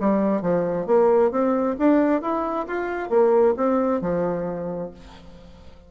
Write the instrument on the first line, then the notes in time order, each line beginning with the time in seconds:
bassoon
0.00 G3
0.42 F3
0.86 A#3
1.31 C4
1.79 D4
2.21 E4
2.67 F4
3.10 A#3
3.57 C4
4.01 F3